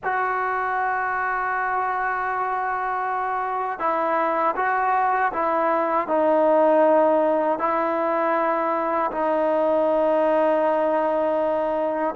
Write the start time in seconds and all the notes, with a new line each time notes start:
0.03 F#4
3.79 E4
4.56 F#4
5.32 E4
6.07 D#4
7.58 E4
9.11 D#4